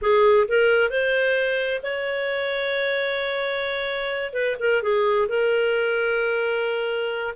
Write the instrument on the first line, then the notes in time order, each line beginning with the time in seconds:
clarinet
0.01 G#4
0.48 A#4
0.90 C5
1.83 C#5
4.33 B4
4.59 A#4
4.82 G#4
5.28 A#4